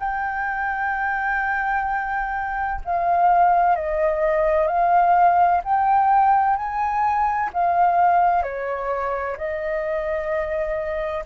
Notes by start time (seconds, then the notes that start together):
0.00 G5
2.85 F5
3.76 D#5
4.67 F5
5.64 G5
6.57 G#5
7.53 F5
8.43 C#5
9.37 D#5